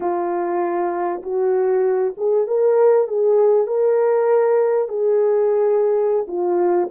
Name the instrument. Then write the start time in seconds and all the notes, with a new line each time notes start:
horn
0.00 F4
1.22 F#4
2.17 G#4
2.47 A#4
3.07 G#4
3.67 A#4
4.88 G#4
6.27 F4